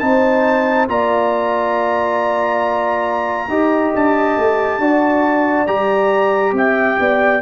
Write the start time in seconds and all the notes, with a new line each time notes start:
0.00 C4 D#4 C5 A5
0.88 A#3 F4 D5 A#5
3.49 D#4 G4 D#5
3.95 D4 A5
4.37 A3
4.79 D4 F#4 D5
5.67 G3 G4 A#5
6.53 C4 E5 G5
7.00 B3 D5